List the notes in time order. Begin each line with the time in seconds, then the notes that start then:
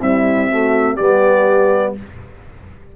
0.00 G3 C4 E4 E5
0.49 A3 F#4
0.94 G3 B3 G4 D5